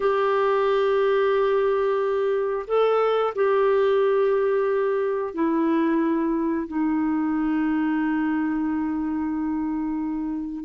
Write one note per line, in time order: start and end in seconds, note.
0.00 2.65 G4
2.67 3.33 A4
3.35 5.34 G4
5.34 6.67 E4
6.67 10.64 D#4